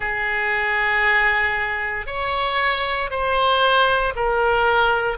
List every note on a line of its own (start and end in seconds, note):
0.00 2.06 G#4
2.06 3.09 C#5
3.10 4.13 C5
4.15 5.17 A#4